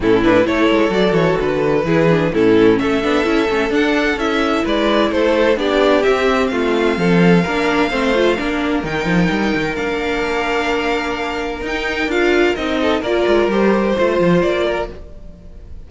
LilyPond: <<
  \new Staff \with { instrumentName = "violin" } { \time 4/4 \tempo 4 = 129 a'8 b'8 cis''4 d''8 cis''8 b'4~ | b'4 a'4 e''2 | fis''4 e''4 d''4 c''4 | d''4 e''4 f''2~ |
f''2. g''4~ | g''4 f''2.~ | f''4 g''4 f''4 dis''4 | d''4 c''2 d''4 | }
  \new Staff \with { instrumentName = "violin" } { \time 4/4 e'4 a'2. | gis'4 e'4 a'2~ | a'2 b'4 a'4 | g'2 f'4 a'4 |
ais'4 c''4 ais'2~ | ais'1~ | ais'2.~ ais'8 a'8 | ais'2 c''4. ais'8 | }
  \new Staff \with { instrumentName = "viola" } { \time 4/4 cis'8 d'8 e'4 fis'2 | e'8 d'8 cis'4. d'8 e'8 cis'8 | d'4 e'2. | d'4 c'2. |
d'4 c'8 f'8 d'4 dis'4~ | dis'4 d'2.~ | d'4 dis'4 f'4 dis'4 | f'4 g'4 f'2 | }
  \new Staff \with { instrumentName = "cello" } { \time 4/4 a,4 a8 gis8 fis8 e8 d4 | e4 a,4 a8 b8 cis'8 a8 | d'4 cis'4 gis4 a4 | b4 c'4 a4 f4 |
ais4 a4 ais4 dis8 f8 | g8 dis8 ais2.~ | ais4 dis'4 d'4 c'4 | ais8 gis8 g4 a8 f8 ais4 | }
>>